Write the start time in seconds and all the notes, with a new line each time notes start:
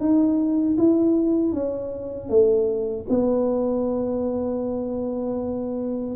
0.00 D#4
0.78 E4
1.53 C#4
2.29 A3
3.09 B3